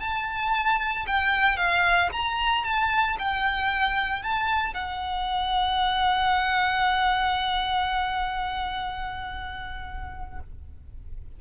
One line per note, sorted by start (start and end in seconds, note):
0.00 1.05 A5
1.06 1.56 G5
1.56 2.09 F5
2.12 2.64 A#5
2.64 3.17 A5
3.18 4.22 G5
4.22 4.74 A5
4.74 10.39 F#5